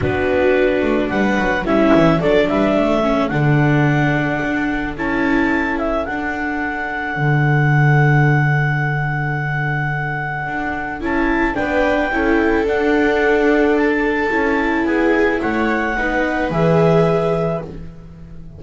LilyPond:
<<
  \new Staff \with { instrumentName = "clarinet" } { \time 4/4 \tempo 4 = 109 b'2 fis''4 e''4 | d''8 e''4. fis''2~ | fis''4 a''4. e''8 fis''4~ | fis''1~ |
fis''1 | a''4 g''2 fis''4~ | fis''4 a''2 gis''4 | fis''2 e''2 | }
  \new Staff \with { instrumentName = "viola" } { \time 4/4 fis'2 b'4 e'4 | a'8 b'8 a'2.~ | a'1~ | a'1~ |
a'1~ | a'4 b'4 a'2~ | a'2. gis'4 | cis''4 b'2. | }
  \new Staff \with { instrumentName = "viola" } { \time 4/4 d'2. cis'4 | d'4. cis'8 d'2~ | d'4 e'2 d'4~ | d'1~ |
d'1 | e'4 d'4 e'4 d'4~ | d'2 e'2~ | e'4 dis'4 gis'2 | }
  \new Staff \with { instrumentName = "double bass" } { \time 4/4 b4. a8 g8 fis8 g8 e8 | fis8 g8 a4 d2 | d'4 cis'2 d'4~ | d'4 d2.~ |
d2. d'4 | cis'4 b4 cis'4 d'4~ | d'2 cis'4 b4 | a4 b4 e2 | }
>>